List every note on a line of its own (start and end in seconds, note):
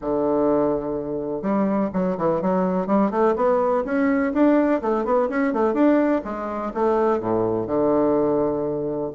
0.01 1.42 D3
1.42 1.90 G3
1.93 2.17 F#3
2.17 2.41 E3
2.41 2.86 F#3
2.86 3.10 G3
3.10 3.34 A3
3.36 3.84 B3
3.84 4.32 C#4
4.33 4.81 D4
4.81 5.04 A3
5.04 5.28 B3
5.29 5.53 C#4
5.53 5.73 A3
5.73 6.21 D4
6.24 6.72 G#3
6.74 7.20 A3
7.20 7.66 A2
7.66 9.10 D3